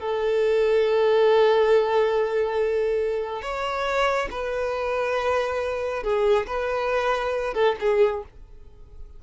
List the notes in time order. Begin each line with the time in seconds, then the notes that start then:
0.00 A4
3.42 C#5
4.31 B4
6.03 G#4
6.47 B4
7.54 A4
7.80 G#4